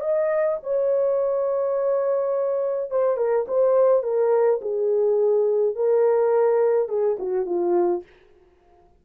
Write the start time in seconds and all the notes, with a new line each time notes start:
0.00 D#5
0.63 C#5
2.90 C5
3.17 A#4
3.47 C5
4.03 A#4
4.61 G#4
5.75 A#4
6.88 G#4
7.18 F#4
7.45 F4